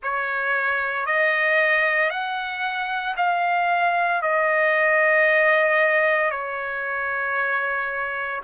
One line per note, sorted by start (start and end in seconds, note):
0.02 1.05 C#5
1.05 2.10 D#5
2.10 3.15 F#5
3.16 4.22 F5
4.22 6.31 D#5
6.31 8.41 C#5